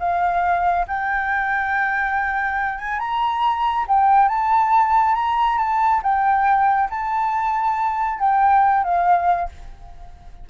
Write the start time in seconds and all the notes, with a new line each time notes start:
0.00 F5
0.88 G5
2.79 G#5
2.99 A#5
3.88 G5
4.29 A5
5.15 A#5
5.58 A5
6.03 G5
6.90 A5
8.20 G5
8.84 F5